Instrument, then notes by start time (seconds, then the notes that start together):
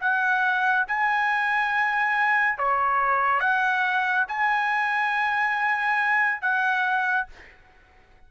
trumpet
0.00 F#5
0.87 G#5
2.58 C#5
3.40 F#5
4.28 G#5
6.41 F#5